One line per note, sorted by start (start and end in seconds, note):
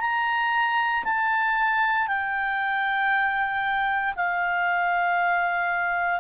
0.00 1.03 A#5
1.04 2.07 A5
2.07 4.14 G5
4.16 6.20 F5